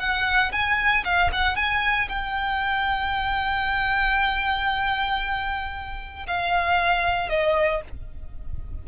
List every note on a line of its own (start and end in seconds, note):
0.00 0.52 F#5
0.53 1.05 G#5
1.05 1.31 F5
1.33 1.57 F#5
1.57 2.09 G#5
2.09 6.27 G5
6.28 7.30 F5
7.30 7.82 D#5